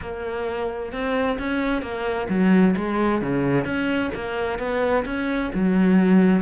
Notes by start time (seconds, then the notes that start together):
0.01 A#3
0.92 C4
1.38 C#4
1.82 A#3
2.29 F#3
2.76 G#3
3.21 C#3
3.64 C#4
4.14 A#3
4.58 B3
5.05 C#4
5.53 F#3